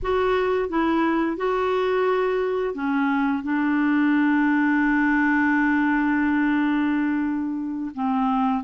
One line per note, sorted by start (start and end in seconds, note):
0.02 0.69 F#4
0.69 1.36 E4
1.36 2.74 F#4
2.74 3.43 C#4
3.43 7.91 D4
7.94 8.63 C4